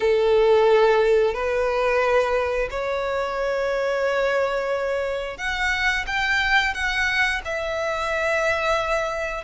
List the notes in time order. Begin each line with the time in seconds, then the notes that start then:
0.00 A4
1.34 B4
2.70 C#5
5.37 F#5
6.06 G5
6.74 F#5
7.44 E5